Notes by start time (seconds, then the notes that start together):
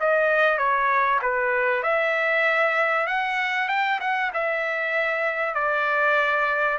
0.00 D#5
0.58 C#5
1.22 B4
1.83 E5
3.07 F#5
3.68 G5
4.00 F#5
4.33 E5
5.54 D5